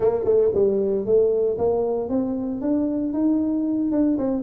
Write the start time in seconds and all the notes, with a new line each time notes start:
0.00 A#3
0.24 A3
0.54 G3
1.05 A3
1.57 A#3
2.09 C4
2.61 D4
3.13 D#4
3.91 D4
4.17 C4